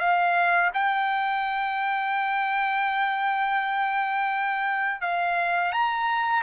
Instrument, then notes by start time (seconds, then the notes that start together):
trumpet
0.00 F5
0.74 G5
5.01 F5
5.73 A#5